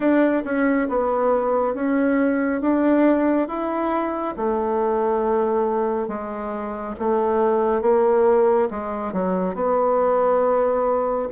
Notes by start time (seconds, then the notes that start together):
0.00 D4
0.44 C#4
0.89 B3
1.74 C#4
2.61 D4
3.47 E4
4.36 A3
6.08 G#3
6.99 A3
7.81 A#3
8.70 G#3
9.12 F#3
9.55 B3